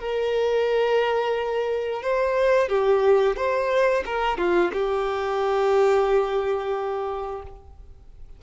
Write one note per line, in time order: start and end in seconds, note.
0.00 2.02 A#4
2.02 2.69 C5
2.69 3.36 G4
3.36 4.04 C5
4.06 4.38 A#4
4.38 4.71 F4
4.73 7.42 G4